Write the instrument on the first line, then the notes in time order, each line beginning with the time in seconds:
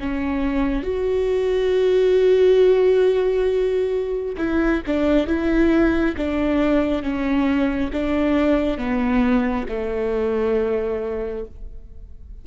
viola
0.00 C#4
0.83 F#4
4.38 E4
4.87 D4
5.27 E4
6.17 D4
7.03 C#4
7.93 D4
8.78 B3
9.69 A3